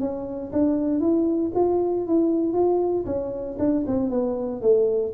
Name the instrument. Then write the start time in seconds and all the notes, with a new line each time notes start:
tuba
0.00 C#4
0.52 D4
1.00 E4
1.55 F4
2.07 E4
2.53 F4
3.06 C#4
3.59 D4
3.87 C4
4.10 B3
4.62 A3